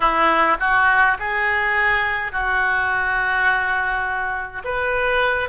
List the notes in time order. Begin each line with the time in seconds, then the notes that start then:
0.00 E4
0.59 F#4
1.19 G#4
2.32 F#4
4.64 B4